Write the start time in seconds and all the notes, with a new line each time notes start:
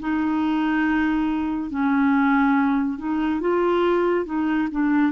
0.00 D#4
1.70 C#4
2.98 D#4
3.41 F4
4.25 D#4
4.72 D4